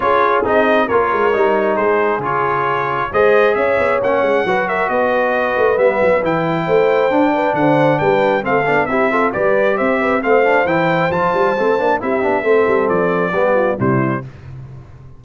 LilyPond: <<
  \new Staff \with { instrumentName = "trumpet" } { \time 4/4 \tempo 4 = 135 cis''4 dis''4 cis''2 | c''4 cis''2 dis''4 | e''4 fis''4. e''8 dis''4~ | dis''4 e''4 g''2~ |
g''4 fis''4 g''4 f''4 | e''4 d''4 e''4 f''4 | g''4 a''2 e''4~ | e''4 d''2 c''4 | }
  \new Staff \with { instrumentName = "horn" } { \time 4/4 gis'2 ais'2 | gis'2. c''4 | cis''2 b'8 ais'8 b'4~ | b'2. c''4~ |
c''8 b'8 c''4 b'4 a'4 | g'8 a'8 b'4 c''8 b'8 c''4~ | c''2. g'4 | a'2 g'8 f'8 e'4 | }
  \new Staff \with { instrumentName = "trombone" } { \time 4/4 f'4 dis'4 f'4 dis'4~ | dis'4 f'2 gis'4~ | gis'4 cis'4 fis'2~ | fis'4 b4 e'2 |
d'2. c'8 d'8 | e'8 f'8 g'2 c'8 d'8 | e'4 f'4 c'8 d'8 e'8 d'8 | c'2 b4 g4 | }
  \new Staff \with { instrumentName = "tuba" } { \time 4/4 cis'4 c'4 ais8 gis8 g4 | gis4 cis2 gis4 | cis'8 b8 ais8 gis8 fis4 b4~ | b8 a8 g8 fis8 e4 a4 |
d'4 d4 g4 a8 b8 | c'4 g4 c'4 a4 | e4 f8 g8 a8 ais8 c'8 b8 | a8 g8 f4 g4 c4 | }
>>